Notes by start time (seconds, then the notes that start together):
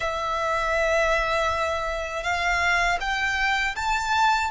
0.00 E5
2.23 F5
3.00 G5
3.75 A5